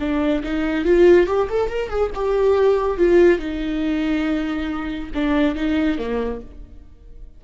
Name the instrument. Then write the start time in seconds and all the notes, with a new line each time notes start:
viola
0.00 D4
0.44 D#4
0.85 F4
1.27 G4
1.50 A4
1.70 A#4
1.90 G#4
2.15 G4
2.98 F4
3.39 D#4
5.15 D4
5.55 D#4
5.98 A#3